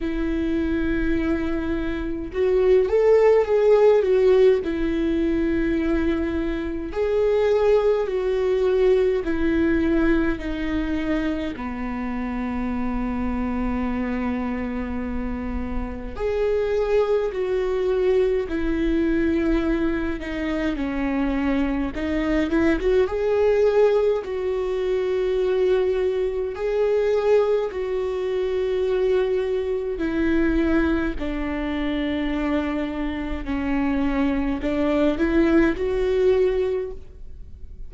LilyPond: \new Staff \with { instrumentName = "viola" } { \time 4/4 \tempo 4 = 52 e'2 fis'8 a'8 gis'8 fis'8 | e'2 gis'4 fis'4 | e'4 dis'4 b2~ | b2 gis'4 fis'4 |
e'4. dis'8 cis'4 dis'8 e'16 fis'16 | gis'4 fis'2 gis'4 | fis'2 e'4 d'4~ | d'4 cis'4 d'8 e'8 fis'4 | }